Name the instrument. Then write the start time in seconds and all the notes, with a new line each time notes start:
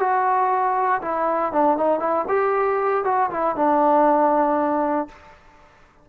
trombone
0.00 F#4
1.02 E4
1.53 D4
1.78 D#4
2.00 E4
2.28 G4
3.05 F#4
3.31 E4
3.56 D4